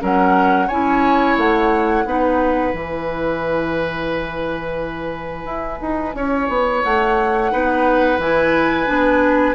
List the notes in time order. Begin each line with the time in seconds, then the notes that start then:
0.00 F#3 C#4 A#4 F#5
0.67 C#4 E4 C#5 G#5
1.37 A3 F#5
2.05 B3 D#4 B4
2.73 E3 E4 G#5
5.45 E4
5.81 D#4
6.14 C#4 C#5
6.48 B3
6.83 A3 F#5
7.50 B3 D#4 B4
8.18 E3 E4 G#5
8.86 B3 D4